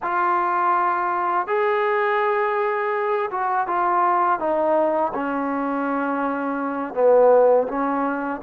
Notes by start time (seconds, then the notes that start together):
0.02 F4
1.47 G#4
3.30 F#4
3.67 F4
4.39 D#4
5.14 C#4
6.94 B3
7.68 C#4